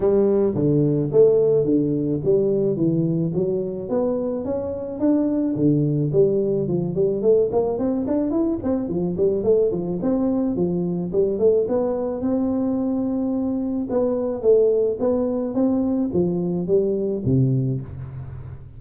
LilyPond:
\new Staff \with { instrumentName = "tuba" } { \time 4/4 \tempo 4 = 108 g4 d4 a4 d4 | g4 e4 fis4 b4 | cis'4 d'4 d4 g4 | f8 g8 a8 ais8 c'8 d'8 e'8 c'8 |
f8 g8 a8 f8 c'4 f4 | g8 a8 b4 c'2~ | c'4 b4 a4 b4 | c'4 f4 g4 c4 | }